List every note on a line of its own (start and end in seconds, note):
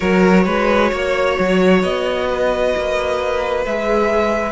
0.00 0.46 F#3
0.00 3.63 F#4
0.00 0.44 A#4
0.00 1.81 C#5
0.45 0.91 G#3
0.45 0.90 B4
0.92 1.37 A#3
0.92 2.28 C#5
1.38 1.83 F#3
1.82 2.74 B3
1.82 3.64 D#5
2.28 4.52 B4
2.76 3.65 A#3
3.64 4.52 G#3
3.64 4.52 G#4
3.64 4.52 E5